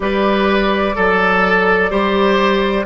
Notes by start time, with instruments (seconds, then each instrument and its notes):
0.00 bassoon G3, clarinet G4, oboe B4, flute D5
0.94 bassoon F#3, clarinet A4, oboe A4
1.90 bassoon G3, clarinet G4, oboe C5